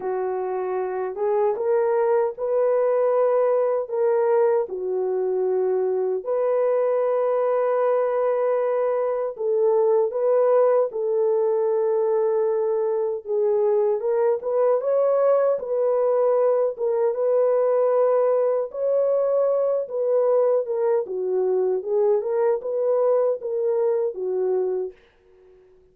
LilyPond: \new Staff \with { instrumentName = "horn" } { \time 4/4 \tempo 4 = 77 fis'4. gis'8 ais'4 b'4~ | b'4 ais'4 fis'2 | b'1 | a'4 b'4 a'2~ |
a'4 gis'4 ais'8 b'8 cis''4 | b'4. ais'8 b'2 | cis''4. b'4 ais'8 fis'4 | gis'8 ais'8 b'4 ais'4 fis'4 | }